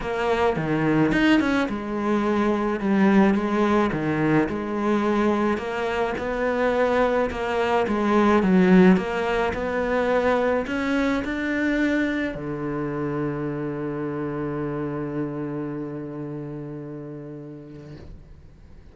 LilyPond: \new Staff \with { instrumentName = "cello" } { \time 4/4 \tempo 4 = 107 ais4 dis4 dis'8 cis'8 gis4~ | gis4 g4 gis4 dis4 | gis2 ais4 b4~ | b4 ais4 gis4 fis4 |
ais4 b2 cis'4 | d'2 d2~ | d1~ | d1 | }